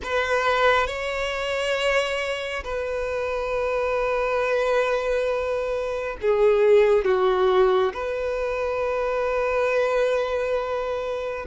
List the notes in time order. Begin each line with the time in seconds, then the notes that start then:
0.03 B4
0.87 C#5
2.64 B4
6.21 G#4
7.04 F#4
7.93 B4